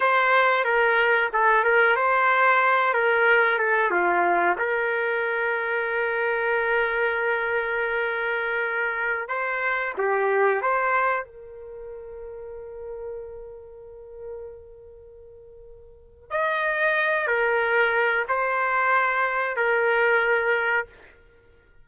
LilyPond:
\new Staff \with { instrumentName = "trumpet" } { \time 4/4 \tempo 4 = 92 c''4 ais'4 a'8 ais'8 c''4~ | c''8 ais'4 a'8 f'4 ais'4~ | ais'1~ | ais'2~ ais'16 c''4 g'8.~ |
g'16 c''4 ais'2~ ais'8.~ | ais'1~ | ais'4 dis''4. ais'4. | c''2 ais'2 | }